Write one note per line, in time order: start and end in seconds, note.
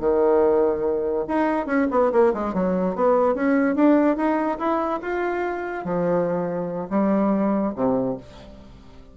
0.00 1.25 D#3
1.28 1.66 D#4
1.66 1.87 C#4
1.91 2.12 B3
2.12 2.33 A#3
2.34 2.54 G#3
2.54 2.96 F#3
2.96 3.35 B3
3.35 3.76 C#4
3.76 4.17 D4
4.17 4.59 D#4
4.59 5.01 E4
5.02 5.85 F4
5.85 6.89 F3
6.90 7.74 G3
7.76 8.17 C3